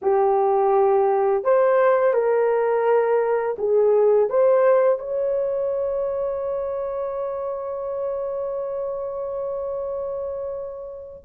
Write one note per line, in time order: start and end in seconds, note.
0.02 1.44 G4
1.44 2.13 C5
2.13 3.56 A#4
3.58 4.29 G#4
4.29 4.98 C5
4.98 11.23 C#5